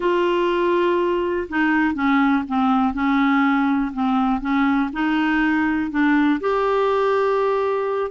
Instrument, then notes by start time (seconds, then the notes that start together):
clarinet
0.00 F4
1.49 D#4
1.94 C#4
2.47 C4
2.93 C#4
3.93 C4
4.41 C#4
4.92 D#4
5.91 D4
6.40 G4